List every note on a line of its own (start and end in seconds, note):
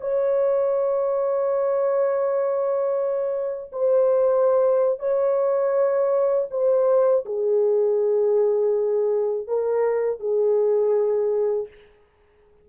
0.00 3.70 C#5
3.72 4.99 C5
4.99 6.47 C#5
6.50 7.24 C5
7.25 9.47 G#4
9.47 10.19 A#4
10.19 11.67 G#4